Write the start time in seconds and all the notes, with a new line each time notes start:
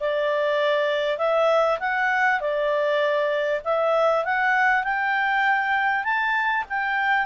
0.00 D5
1.18 E5
1.80 F#5
2.40 D5
3.64 E5
4.25 F#5
4.84 G5
6.04 A5
6.69 G5